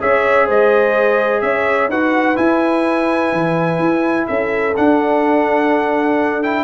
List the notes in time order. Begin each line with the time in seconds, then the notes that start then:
0.00 C#4 G#4 C#5 E5
0.46 G#3 C5 D#5
1.41 C#4 C#5 E5
1.88 D#4 F#4 B4 F#5
2.36 E4 G#5
3.32 E3
3.79 E4
4.27 C#4 A4 E5
4.76 D4 F#5
6.43 E4 G5